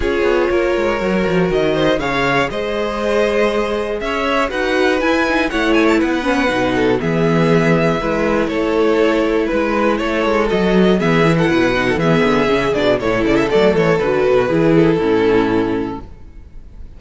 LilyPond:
<<
  \new Staff \with { instrumentName = "violin" } { \time 4/4 \tempo 4 = 120 cis''2. dis''4 | f''4 dis''2. | e''4 fis''4 gis''4 fis''8 gis''16 a''16 | fis''2 e''2~ |
e''4 cis''2 b'4 | cis''4 dis''4 e''8. fis''4~ fis''16 | e''4. d''8 cis''8 d''16 e''16 d''8 cis''8 | b'4. a'2~ a'8 | }
  \new Staff \with { instrumentName = "violin" } { \time 4/4 gis'4 ais'2~ ais'8 c''8 | cis''4 c''2. | cis''4 b'2 cis''4 | b'4. a'8 gis'2 |
b'4 a'2 b'4 | a'2 gis'8. a'16 b'8. a'16 | gis'2 a'2~ | a'4 gis'4 e'2 | }
  \new Staff \with { instrumentName = "viola" } { \time 4/4 f'2 fis'2 | gis'1~ | gis'4 fis'4 e'8 dis'8 e'4~ | e'8 cis'8 dis'4 b2 |
e'1~ | e'4 fis'4 b8 e'4 dis'8 | b4 cis'8 d'8 e'4 a4 | fis'4 e'4 cis'2 | }
  \new Staff \with { instrumentName = "cello" } { \time 4/4 cis'8 b8 ais8 gis8 fis8 f8 dis4 | cis4 gis2. | cis'4 dis'4 e'4 a4 | b4 b,4 e2 |
gis4 a2 gis4 | a8 gis8 fis4 e4 b,4 | e8 d8 cis8 b,8 a,8 cis8 fis8 e8 | d8 b,8 e4 a,2 | }
>>